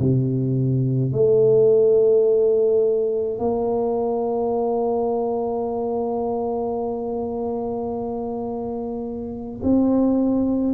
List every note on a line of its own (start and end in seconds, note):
0.00 1.13 C3
1.13 3.39 A3
3.39 9.62 A#3
9.63 10.74 C4